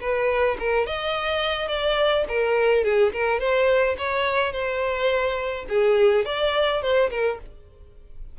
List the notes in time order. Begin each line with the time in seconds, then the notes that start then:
0.00 B4
0.59 A#4
0.86 D#5
1.68 D5
2.28 A#4
2.84 G#4
3.13 A#4
3.39 C5
3.98 C#5
4.52 C5
5.68 G#4
6.25 D5
6.82 C5
7.10 A#4